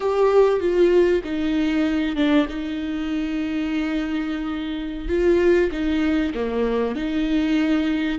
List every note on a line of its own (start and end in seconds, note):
0.00 0.60 G4
0.60 1.21 F4
1.23 2.16 D#4
2.16 2.47 D4
2.48 5.08 D#4
5.08 5.70 F4
5.71 6.33 D#4
6.34 6.95 A#3
6.95 8.18 D#4